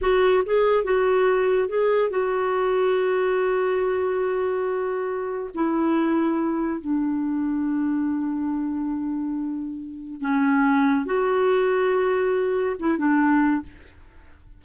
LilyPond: \new Staff \with { instrumentName = "clarinet" } { \time 4/4 \tempo 4 = 141 fis'4 gis'4 fis'2 | gis'4 fis'2.~ | fis'1~ | fis'4 e'2. |
d'1~ | d'1 | cis'2 fis'2~ | fis'2 e'8 d'4. | }